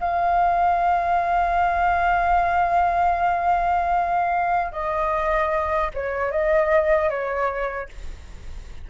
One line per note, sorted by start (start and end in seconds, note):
0.00 4.72 F5
4.72 5.90 D#5
5.94 6.31 C#5
6.31 7.10 D#5
7.10 7.89 C#5